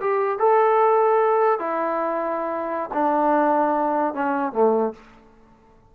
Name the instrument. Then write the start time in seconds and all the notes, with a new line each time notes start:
trombone
0.00 G4
0.39 A4
1.59 E4
2.93 D4
4.14 C#4
4.52 A3